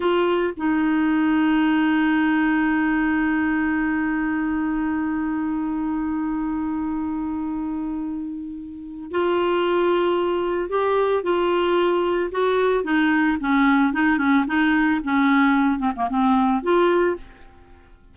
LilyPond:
\new Staff \with { instrumentName = "clarinet" } { \time 4/4 \tempo 4 = 112 f'4 dis'2.~ | dis'1~ | dis'1~ | dis'1~ |
dis'4 f'2. | g'4 f'2 fis'4 | dis'4 cis'4 dis'8 cis'8 dis'4 | cis'4. c'16 ais16 c'4 f'4 | }